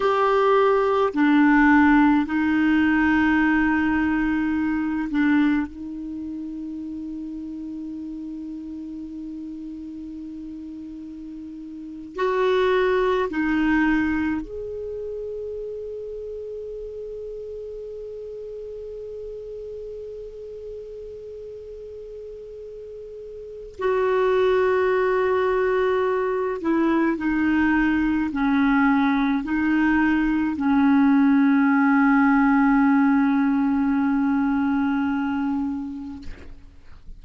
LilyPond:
\new Staff \with { instrumentName = "clarinet" } { \time 4/4 \tempo 4 = 53 g'4 d'4 dis'2~ | dis'8 d'8 dis'2.~ | dis'2~ dis'8. fis'4 dis'16~ | dis'8. gis'2.~ gis'16~ |
gis'1~ | gis'4 fis'2~ fis'8 e'8 | dis'4 cis'4 dis'4 cis'4~ | cis'1 | }